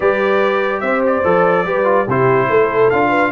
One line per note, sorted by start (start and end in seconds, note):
0.00 0.82 G3
0.00 1.23 G4
0.00 0.83 B4
0.00 0.80 D5
0.80 1.23 C4
0.80 1.66 C5
0.80 1.01 E5
1.06 2.09 D5
1.24 1.64 F3
1.24 1.65 A4
1.64 2.06 G3
1.64 1.84 G4
1.64 2.05 B4
1.84 2.05 F4
2.05 2.48 C3
2.05 2.92 E4
2.05 2.46 G4
2.05 2.90 C5
2.49 2.90 A3
2.49 3.09 A4
2.90 3.31 D4
2.90 3.31 F4
2.90 3.31 F5
3.09 3.29 B4